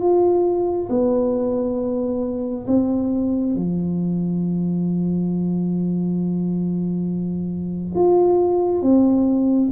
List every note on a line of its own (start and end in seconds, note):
0.00 0.88 F4
0.89 2.66 B3
2.67 3.55 C4
3.55 7.95 F3
7.95 8.82 F4
8.82 9.70 C4